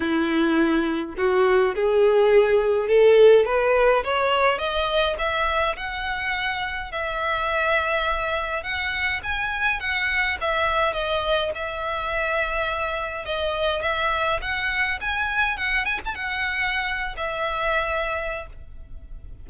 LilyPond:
\new Staff \with { instrumentName = "violin" } { \time 4/4 \tempo 4 = 104 e'2 fis'4 gis'4~ | gis'4 a'4 b'4 cis''4 | dis''4 e''4 fis''2 | e''2. fis''4 |
gis''4 fis''4 e''4 dis''4 | e''2. dis''4 | e''4 fis''4 gis''4 fis''8 gis''16 a''16 | fis''4.~ fis''16 e''2~ e''16 | }